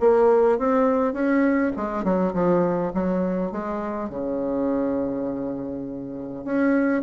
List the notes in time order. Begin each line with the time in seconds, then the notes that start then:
0.00 A#3
0.58 C4
1.13 C#4
1.76 G#3
2.04 F#3
2.33 F3
2.94 F#3
3.52 G#3
4.10 C#3
6.45 C#4